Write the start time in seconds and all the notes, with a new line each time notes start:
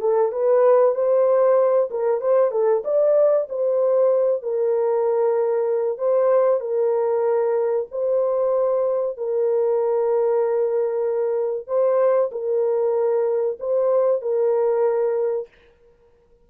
0.00 A4
0.32 B4
0.94 C5
1.90 A#4
2.20 C5
2.51 A4
2.84 D5
3.49 C5
4.42 A#4
5.97 C5
6.60 A#4
7.91 C5
9.17 A#4
11.67 C5
12.31 A#4
13.59 C5
14.21 A#4